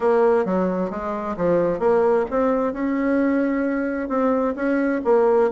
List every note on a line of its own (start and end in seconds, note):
0.00 0.45 A#3
0.45 0.90 F#3
0.90 1.36 G#3
1.36 1.79 F3
1.79 2.25 A#3
2.30 2.73 C4
2.73 4.08 C#4
4.08 4.54 C4
4.55 5.01 C#4
5.04 5.50 A#3